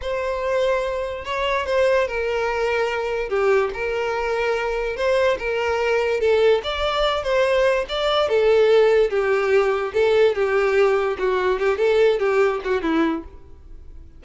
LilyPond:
\new Staff \with { instrumentName = "violin" } { \time 4/4 \tempo 4 = 145 c''2. cis''4 | c''4 ais'2. | g'4 ais'2. | c''4 ais'2 a'4 |
d''4. c''4. d''4 | a'2 g'2 | a'4 g'2 fis'4 | g'8 a'4 g'4 fis'8 e'4 | }